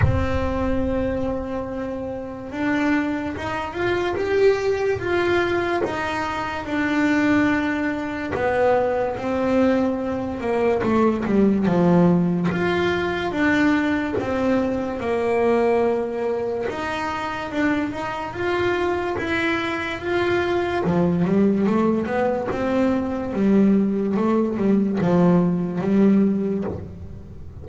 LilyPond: \new Staff \with { instrumentName = "double bass" } { \time 4/4 \tempo 4 = 72 c'2. d'4 | dis'8 f'8 g'4 f'4 dis'4 | d'2 b4 c'4~ | c'8 ais8 a8 g8 f4 f'4 |
d'4 c'4 ais2 | dis'4 d'8 dis'8 f'4 e'4 | f'4 f8 g8 a8 b8 c'4 | g4 a8 g8 f4 g4 | }